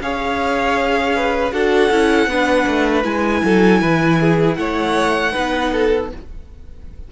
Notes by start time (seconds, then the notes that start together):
0.00 C#4 G#4 C#5 F5
1.16 B4
1.51 D4 F#4 A4 F#5
1.91 C#4 E4
2.26 B3 D4 B4
2.67 A3
3.03 G#3 E4 G#5
3.43 F#3 A4
3.81 E3 B4
4.20 G#4
4.55 A3 C#5 F#5
5.32 B3 D#4 B4
5.72 A4